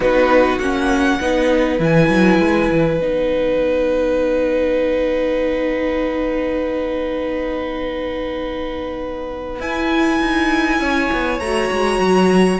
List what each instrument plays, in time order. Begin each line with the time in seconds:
0.00 cello B3, viola D#4, violin F#4 B4
0.58 cello A#3, viola C#4, violin F#5
1.20 cello B3, viola D#4, violin B4
1.79 cello E3, viola E4, violin G#5
2.09 cello F#3
2.39 cello G#3
2.71 cello E3
2.99 cello B3, viola D#4, violin F#5
9.59 cello E4, viola E4, violin G#5
10.20 cello D#4
10.79 cello C#4, violin C#5
11.12 cello B3
11.39 cello A3, viola F#4, violin A#5
11.71 cello G#3
11.98 cello F#3